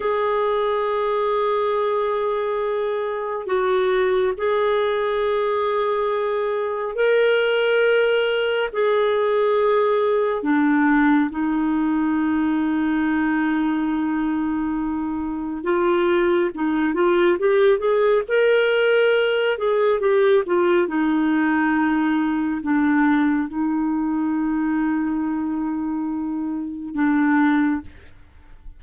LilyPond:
\new Staff \with { instrumentName = "clarinet" } { \time 4/4 \tempo 4 = 69 gis'1 | fis'4 gis'2. | ais'2 gis'2 | d'4 dis'2.~ |
dis'2 f'4 dis'8 f'8 | g'8 gis'8 ais'4. gis'8 g'8 f'8 | dis'2 d'4 dis'4~ | dis'2. d'4 | }